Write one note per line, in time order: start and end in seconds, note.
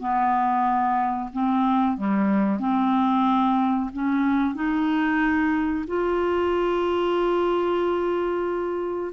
0.00 1.30 B3
1.33 1.97 C4
1.97 2.60 G3
2.60 3.91 C4
3.94 4.55 C#4
4.55 5.85 D#4
5.88 9.13 F4